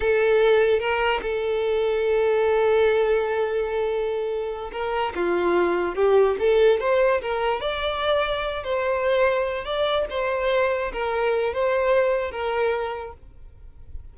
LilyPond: \new Staff \with { instrumentName = "violin" } { \time 4/4 \tempo 4 = 146 a'2 ais'4 a'4~ | a'1~ | a'2.~ a'8 ais'8~ | ais'8 f'2 g'4 a'8~ |
a'8 c''4 ais'4 d''4.~ | d''4 c''2~ c''8 d''8~ | d''8 c''2 ais'4. | c''2 ais'2 | }